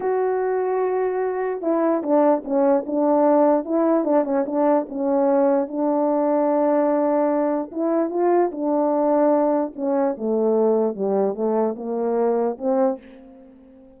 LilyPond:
\new Staff \with { instrumentName = "horn" } { \time 4/4 \tempo 4 = 148 fis'1 | e'4 d'4 cis'4 d'4~ | d'4 e'4 d'8 cis'8 d'4 | cis'2 d'2~ |
d'2. e'4 | f'4 d'2. | cis'4 a2 g4 | a4 ais2 c'4 | }